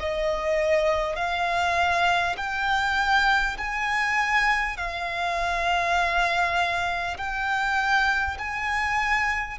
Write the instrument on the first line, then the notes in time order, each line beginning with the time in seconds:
violin
0.00 D#5
1.16 F5
2.37 G5
3.58 G#5
4.77 F5
7.17 G5
8.38 G#5